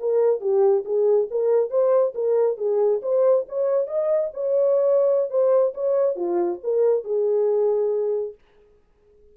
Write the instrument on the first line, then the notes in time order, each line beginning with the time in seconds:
horn
0.00 A#4
0.41 G4
0.85 G#4
1.31 A#4
1.70 C5
2.15 A#4
2.58 G#4
3.03 C5
3.49 C#5
3.87 D#5
4.34 C#5
5.30 C5
5.74 C#5
6.16 F4
6.64 A#4
7.05 G#4